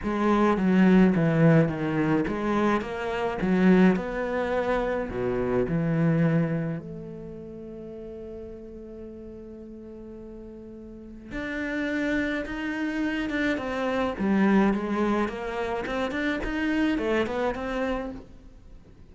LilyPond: \new Staff \with { instrumentName = "cello" } { \time 4/4 \tempo 4 = 106 gis4 fis4 e4 dis4 | gis4 ais4 fis4 b4~ | b4 b,4 e2 | a1~ |
a1 | d'2 dis'4. d'8 | c'4 g4 gis4 ais4 | c'8 d'8 dis'4 a8 b8 c'4 | }